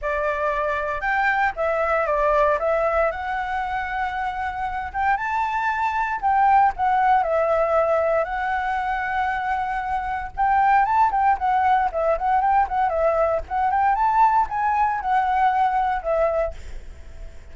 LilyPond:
\new Staff \with { instrumentName = "flute" } { \time 4/4 \tempo 4 = 116 d''2 g''4 e''4 | d''4 e''4 fis''2~ | fis''4. g''8 a''2 | g''4 fis''4 e''2 |
fis''1 | g''4 a''8 g''8 fis''4 e''8 fis''8 | g''8 fis''8 e''4 fis''8 g''8 a''4 | gis''4 fis''2 e''4 | }